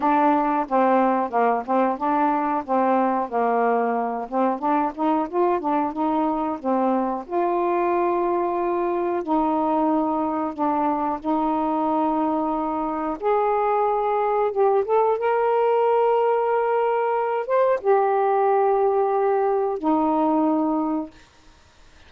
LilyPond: \new Staff \with { instrumentName = "saxophone" } { \time 4/4 \tempo 4 = 91 d'4 c'4 ais8 c'8 d'4 | c'4 ais4. c'8 d'8 dis'8 | f'8 d'8 dis'4 c'4 f'4~ | f'2 dis'2 |
d'4 dis'2. | gis'2 g'8 a'8 ais'4~ | ais'2~ ais'8 c''8 g'4~ | g'2 dis'2 | }